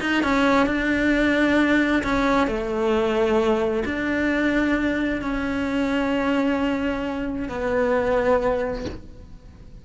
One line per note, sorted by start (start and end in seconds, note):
0.00 0.23 D#4
0.23 0.66 C#4
0.66 2.02 D4
2.03 2.47 C#4
2.47 3.83 A3
3.85 5.21 D4
5.21 7.48 C#4
7.48 8.85 B3